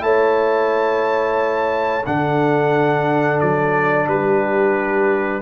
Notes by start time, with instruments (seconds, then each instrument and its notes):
0.00 tuba A3, trombone E4, horn C#5, trumpet A5
2.05 tuba D3, trombone D4, horn A4, trumpet F#5
3.40 tuba F#3, trumpet D5
4.07 tuba G3, horn G4, trumpet B4